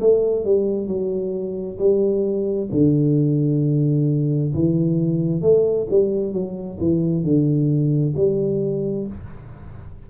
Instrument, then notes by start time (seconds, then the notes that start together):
tuba
0.00 A3
0.45 G3
0.87 F#3
1.78 G3
2.71 D3
4.54 E3
5.41 A3
5.90 G3
6.33 F#3
6.80 E3
7.24 D3
8.16 G3